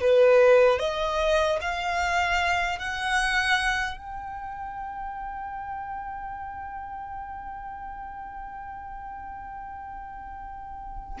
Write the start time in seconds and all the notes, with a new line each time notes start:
0.00 B4
0.79 D#5
1.61 F5
2.78 F#5
3.97 G5